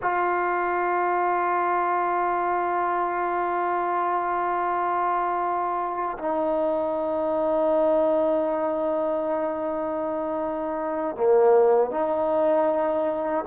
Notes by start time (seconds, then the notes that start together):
0.02 F4
6.18 D#4
11.16 A#3
11.91 D#4